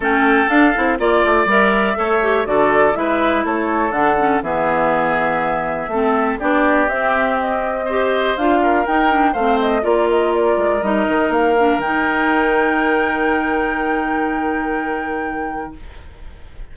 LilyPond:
<<
  \new Staff \with { instrumentName = "flute" } { \time 4/4 \tempo 4 = 122 g''4 f''4 d''4 e''4~ | e''4 d''4 e''4 cis''4 | fis''4 e''2.~ | e''4 d''4 e''4 dis''4~ |
dis''4 f''4 g''4 f''8 dis''8 | d''8 dis''8 d''4 dis''4 f''4 | g''1~ | g''1 | }
  \new Staff \with { instrumentName = "oboe" } { \time 4/4 a'2 d''2 | cis''4 a'4 b'4 a'4~ | a'4 gis'2. | a'4 g'2. |
c''4. ais'4. c''4 | ais'1~ | ais'1~ | ais'1 | }
  \new Staff \with { instrumentName = "clarinet" } { \time 4/4 cis'4 d'8 e'8 f'4 ais'4 | a'8 g'8 fis'4 e'2 | d'8 cis'8 b2. | c'4 d'4 c'2 |
g'4 f'4 dis'8 d'8 c'4 | f'2 dis'4. d'8 | dis'1~ | dis'1 | }
  \new Staff \with { instrumentName = "bassoon" } { \time 4/4 a4 d'8 c'8 ais8 a8 g4 | a4 d4 gis4 a4 | d4 e2. | a4 b4 c'2~ |
c'4 d'4 dis'4 a4 | ais4. gis8 g8 dis8 ais4 | dis1~ | dis1 | }
>>